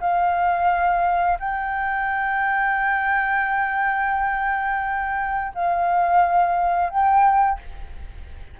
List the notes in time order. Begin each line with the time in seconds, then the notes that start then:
0.00 F5
1.39 G5
5.55 F5
6.90 G5